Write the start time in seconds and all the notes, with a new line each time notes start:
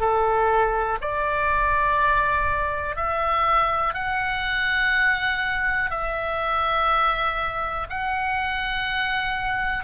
0.00 A4
1.01 D5
2.96 E5
3.94 F#5
5.91 E5
7.90 F#5